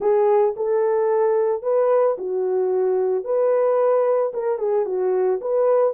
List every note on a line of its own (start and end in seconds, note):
0.00 0.54 G#4
0.56 1.62 A4
1.62 2.16 B4
2.17 3.24 F#4
3.24 4.32 B4
4.33 4.58 A#4
4.58 4.85 G#4
4.85 5.39 F#4
5.41 5.93 B4